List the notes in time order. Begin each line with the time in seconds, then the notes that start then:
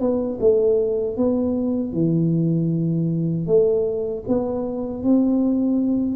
0.00 B3
0.41 A3
1.17 B3
1.93 E3
3.47 A3
4.28 B3
5.03 C4